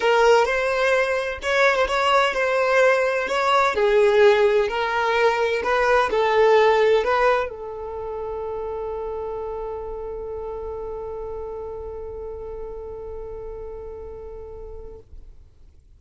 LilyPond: \new Staff \with { instrumentName = "violin" } { \time 4/4 \tempo 4 = 128 ais'4 c''2 cis''8. c''16 | cis''4 c''2 cis''4 | gis'2 ais'2 | b'4 a'2 b'4 |
a'1~ | a'1~ | a'1~ | a'1 | }